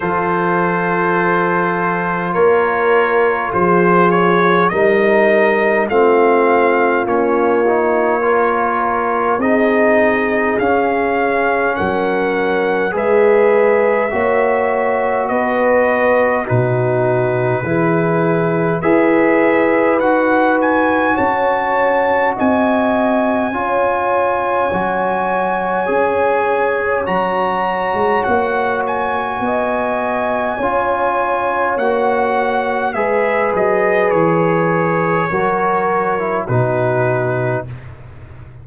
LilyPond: <<
  \new Staff \with { instrumentName = "trumpet" } { \time 4/4 \tempo 4 = 51 c''2 cis''4 c''8 cis''8 | dis''4 f''4 cis''2 | dis''4 f''4 fis''4 e''4~ | e''4 dis''4 b'2 |
e''4 fis''8 gis''8 a''4 gis''4~ | gis''2. ais''4 | fis''8 gis''2~ gis''8 fis''4 | e''8 dis''8 cis''2 b'4 | }
  \new Staff \with { instrumentName = "horn" } { \time 4/4 a'2 ais'4 gis'4 | ais'4 f'2 ais'4 | gis'2 ais'4 b'4 | cis''4 b'4 fis'4 gis'4 |
b'2 cis''4 dis''4 | cis''1~ | cis''4 dis''4 cis''2 | b'2 ais'4 fis'4 | }
  \new Staff \with { instrumentName = "trombone" } { \time 4/4 f'1 | dis'4 c'4 cis'8 dis'8 f'4 | dis'4 cis'2 gis'4 | fis'2 dis'4 e'4 |
gis'4 fis'2. | f'4 fis'4 gis'4 fis'4~ | fis'2 f'4 fis'4 | gis'2 fis'8. e'16 dis'4 | }
  \new Staff \with { instrumentName = "tuba" } { \time 4/4 f2 ais4 f4 | g4 a4 ais2 | c'4 cis'4 fis4 gis4 | ais4 b4 b,4 e4 |
e'4 dis'4 cis'4 c'4 | cis'4 fis4 cis'4 fis8. gis16 | ais4 b4 cis'4 ais4 | gis8 fis8 e4 fis4 b,4 | }
>>